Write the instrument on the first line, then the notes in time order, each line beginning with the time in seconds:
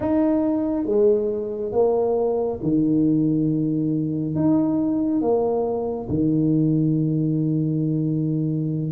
tuba
0.00 D#4
0.85 G#3
1.72 A#3
2.62 D#3
4.35 D#4
5.21 A#3
6.09 D#3